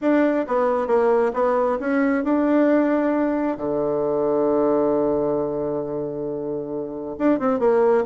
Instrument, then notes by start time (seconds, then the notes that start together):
bassoon
0.01 D4
0.47 B3
0.87 A#3
1.33 B3
1.80 C#4
2.24 D4
3.57 D3
7.18 D4
7.39 C4
7.59 A#3